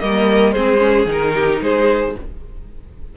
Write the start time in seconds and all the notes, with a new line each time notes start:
0.00 G3 A#3 A#4 D#5
0.52 G#3 C4 G#4 C5
0.78 C#4
1.06 D#3 D#4 A#4
1.34 G4
1.62 G#3 G#4 C5